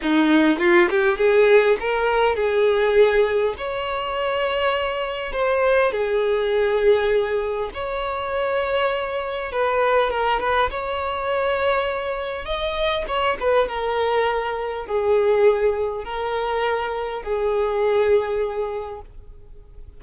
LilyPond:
\new Staff \with { instrumentName = "violin" } { \time 4/4 \tempo 4 = 101 dis'4 f'8 g'8 gis'4 ais'4 | gis'2 cis''2~ | cis''4 c''4 gis'2~ | gis'4 cis''2. |
b'4 ais'8 b'8 cis''2~ | cis''4 dis''4 cis''8 b'8 ais'4~ | ais'4 gis'2 ais'4~ | ais'4 gis'2. | }